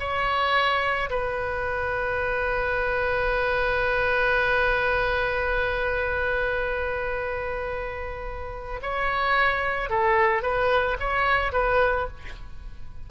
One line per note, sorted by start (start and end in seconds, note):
0.00 1.10 C#5
1.10 8.81 B4
8.82 9.90 C#5
9.90 10.43 A4
10.43 10.98 B4
11.00 11.53 C#5
11.53 12.08 B4